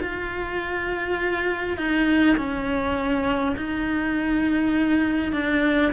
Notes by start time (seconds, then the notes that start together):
0.00 F4
1.77 D#4
2.37 C#4
3.56 D#4
5.32 D4